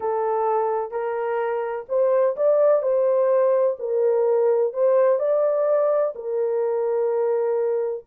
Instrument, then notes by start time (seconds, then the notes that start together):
horn
0.00 A4
0.91 A#4
1.89 C5
2.36 D5
2.82 C5
3.79 A#4
4.73 C5
5.19 D5
6.15 A#4